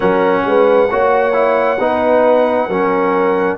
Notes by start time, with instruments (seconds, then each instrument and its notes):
0.00 tuba F#3, trombone C#4, horn A#4, trumpet F#5
0.45 tuba G#3, horn B4
0.90 tuba A#3, trombone F#4, horn C#5
1.32 trombone E4
1.79 tuba B3, trombone D#4, horn B4
2.67 tuba F#3, trombone C#4, horn A#4